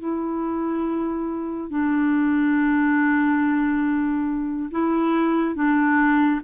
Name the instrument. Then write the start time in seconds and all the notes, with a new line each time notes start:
clarinet
0.00 E4
1.71 D4
4.71 E4
5.56 D4